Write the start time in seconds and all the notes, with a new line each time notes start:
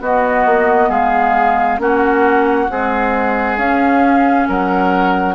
0.00 B3 F#4 D#5
0.46 A#3
0.89 G#3 G#4 F5
1.78 A#3 C#4 F#4 F#5
2.70 G#3 C4 G#4
3.57 C#4 F5
4.48 F#3 A#4 F#5